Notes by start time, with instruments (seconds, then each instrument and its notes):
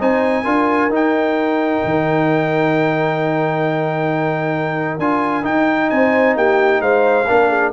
0.00 tuba C4, trombone D#4, horn C5, trumpet G#5
0.44 tuba D4, trombone F4, horn A#4
0.89 tuba D#4, trombone D#4
0.95 trumpet G5
1.85 tuba D#3
4.99 tuba D4, trombone F4, trumpet G#5
5.43 trombone D#4, tuba D#4, trumpet G5
5.90 tuba C4, horn C5, trumpet G#5
6.36 tuba A#3, horn G4, trumpet G5
6.81 tuba G#3, horn C5, trumpet F5
7.27 tuba A#3, trombone D4, horn A#4
7.49 horn G#4